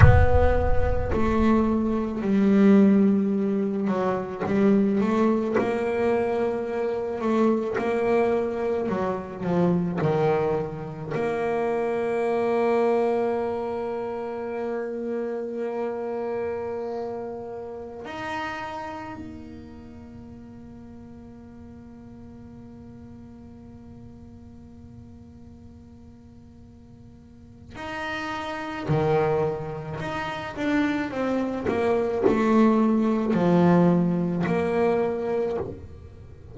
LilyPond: \new Staff \with { instrumentName = "double bass" } { \time 4/4 \tempo 4 = 54 b4 a4 g4. fis8 | g8 a8 ais4. a8 ais4 | fis8 f8 dis4 ais2~ | ais1~ |
ais16 dis'4 ais2~ ais8.~ | ais1~ | ais4 dis'4 dis4 dis'8 d'8 | c'8 ais8 a4 f4 ais4 | }